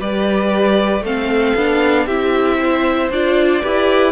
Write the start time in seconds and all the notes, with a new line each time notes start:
0.00 G3 G4 B4 D5
1.01 A3 C4 A4 F5
1.56 B3 D4
2.06 C4 E4 G4 E5
2.59 C5
3.11 D4 F4 D5
3.62 E4 G4 B4